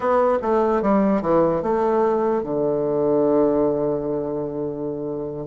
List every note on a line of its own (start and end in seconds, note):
0.00 0.38 B3
0.42 0.81 A3
0.81 1.21 G3
1.21 1.62 E3
1.62 2.43 A3
2.43 5.47 D3